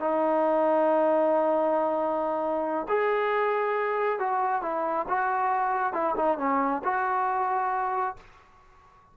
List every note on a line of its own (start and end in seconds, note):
0.00 2.87 D#4
2.88 4.19 G#4
4.19 4.62 F#4
4.62 5.06 E4
5.08 5.93 F#4
5.93 6.15 E4
6.16 6.38 D#4
6.38 6.82 C#4
6.84 8.17 F#4